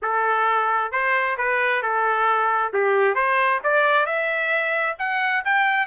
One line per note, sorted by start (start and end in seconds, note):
0.02 0.91 A4
0.91 1.36 C5
1.37 1.82 B4
1.82 2.72 A4
2.73 3.14 G4
3.14 3.59 C5
3.63 4.05 D5
4.05 4.96 E5
4.98 5.44 F#5
5.45 5.86 G5